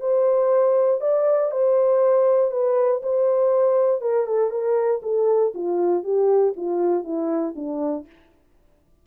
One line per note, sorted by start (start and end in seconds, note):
0.00 1.01 C5
1.01 1.51 D5
1.51 2.51 C5
2.51 3.01 B4
3.03 4.01 C5
4.01 4.26 A#4
4.26 4.50 A4
4.50 5.01 A#4
5.02 5.53 A4
5.54 6.03 F4
6.03 6.54 G4
6.56 7.04 F4
7.04 7.54 E4
7.55 8.06 D4